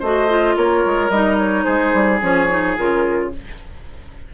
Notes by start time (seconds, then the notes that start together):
0.00 A3 F#4 C5 D#5
0.29 F4
0.57 A#3 A#4 C#5
0.86 G#3
1.10 G3 D#4 D#5
1.39 C#5
1.64 G#3 G#4 C5
1.94 G3
2.21 F3 C#4 C#5
2.50 D#4
2.77 C#3 F4 A#4